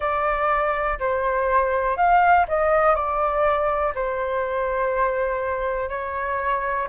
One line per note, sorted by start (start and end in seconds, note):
0.00 0.98 D5
0.99 1.96 C5
1.96 2.45 F5
2.48 2.95 D#5
2.95 3.93 D5
3.94 5.89 C5
5.89 6.87 C#5